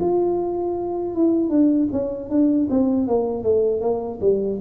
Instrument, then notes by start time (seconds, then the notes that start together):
tuba
0.00 F4
1.15 E4
1.49 D4
1.92 C#4
2.29 D4
2.70 C4
3.07 A#3
3.43 A3
3.81 A#3
4.21 G3